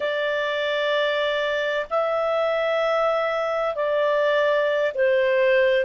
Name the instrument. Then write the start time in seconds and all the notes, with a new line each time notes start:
clarinet
0.00 D5
1.90 E5
3.75 D5
4.94 C5